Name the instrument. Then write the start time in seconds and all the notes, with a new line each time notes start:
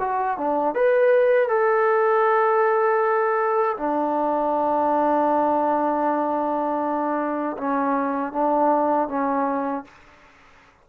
trombone
0.00 F#4
0.38 D4
0.76 B4
1.49 A4
3.78 D4
7.58 C#4
8.33 D4
9.09 C#4